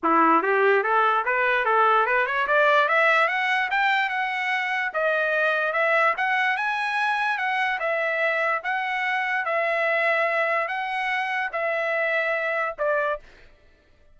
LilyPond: \new Staff \with { instrumentName = "trumpet" } { \time 4/4 \tempo 4 = 146 e'4 g'4 a'4 b'4 | a'4 b'8 cis''8 d''4 e''4 | fis''4 g''4 fis''2 | dis''2 e''4 fis''4 |
gis''2 fis''4 e''4~ | e''4 fis''2 e''4~ | e''2 fis''2 | e''2. d''4 | }